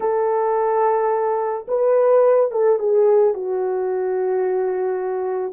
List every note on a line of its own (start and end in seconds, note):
0.00 1.66 A4
1.67 2.51 B4
2.51 2.78 A4
2.78 3.34 G#4
3.34 5.53 F#4